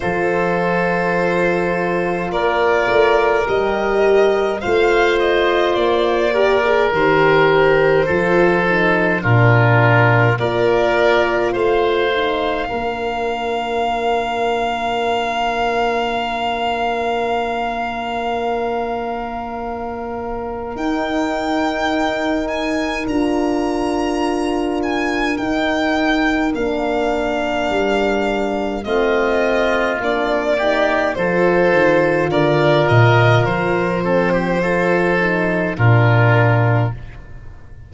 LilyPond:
<<
  \new Staff \with { instrumentName = "violin" } { \time 4/4 \tempo 4 = 52 c''2 d''4 dis''4 | f''8 dis''8 d''4 c''2 | ais'4 d''4 f''2~ | f''1~ |
f''2 g''4. gis''8 | ais''4. gis''8 g''4 f''4~ | f''4 dis''4 d''4 c''4 | d''8 dis''8 c''2 ais'4 | }
  \new Staff \with { instrumentName = "oboe" } { \time 4/4 a'2 ais'2 | c''4. ais'4. a'4 | f'4 ais'4 c''4 ais'4~ | ais'1~ |
ais'1~ | ais'1~ | ais'4 f'4. g'8 a'4 | ais'4. a'16 g'16 a'4 f'4 | }
  \new Staff \with { instrumentName = "horn" } { \time 4/4 f'2. g'4 | f'4. g'16 gis'16 g'4 f'8 dis'8 | d'4 f'4. dis'8 d'4~ | d'1~ |
d'2 dis'2 | f'2 dis'4 d'4~ | d'4 c'4 d'8 dis'8 f'4~ | f'4. c'8 f'8 dis'8 d'4 | }
  \new Staff \with { instrumentName = "tuba" } { \time 4/4 f2 ais8 a8 g4 | a4 ais4 dis4 f4 | ais,4 ais4 a4 ais4~ | ais1~ |
ais2 dis'2 | d'2 dis'4 ais4 | g4 a4 ais4 f8 dis8 | d8 ais,8 f2 ais,4 | }
>>